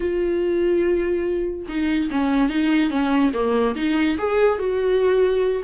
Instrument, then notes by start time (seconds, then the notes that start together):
viola
0.00 F4
1.68 D#4
2.10 C#4
2.49 D#4
2.90 C#4
3.33 A#3
3.75 D#4
4.17 G#4
4.58 F#4